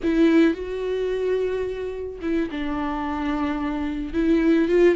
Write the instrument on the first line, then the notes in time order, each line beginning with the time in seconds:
viola
0.03 E4
0.54 F#4
2.21 E4
2.50 D4
4.13 E4
4.68 F4